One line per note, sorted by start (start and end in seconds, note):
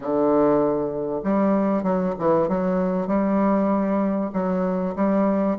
0.00 1.21 D3
1.23 1.83 G3
1.83 2.14 F#3
2.18 2.48 E3
2.48 3.07 F#3
3.07 4.30 G3
4.33 4.95 F#3
4.95 5.57 G3